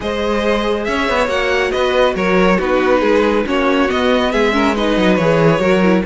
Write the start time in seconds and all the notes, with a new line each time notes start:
0.00 G#3 G#4 C5 D#5
0.84 C#4 C#5 E5
1.09 B3
1.27 A#3 F#4 F#5
1.71 B3 B4 D#5
2.15 F#3 A#4 C#5
2.57 B3 D#4 F#4 B4
3.00 G#3 G#4
3.46 A#3 C#4 F#4 C#5
3.88 B3 D#5
4.31 G#3 G#4 E5
4.52 C#4 A#4
4.74 D#4 B4 D#5
4.97 F#3
5.15 E3 G#4 C#5
5.59 F#3 F#4 A#4
5.82 E4